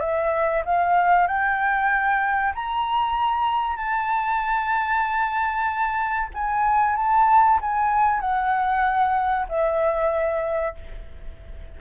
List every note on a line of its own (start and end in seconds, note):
0.00 0.63 E5
0.65 1.27 F5
1.27 2.53 G5
2.55 3.76 A#5
3.76 6.29 A5
6.34 6.96 G#5
6.96 7.59 A5
7.61 8.20 G#5
8.20 9.47 F#5
9.49 10.75 E5